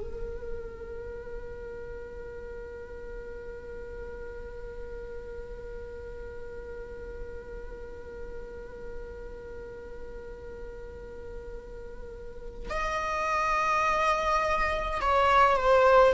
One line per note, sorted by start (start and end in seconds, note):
0.00 12.69 A#4
12.69 15.00 D#5
15.01 15.56 C#5
15.56 16.13 C5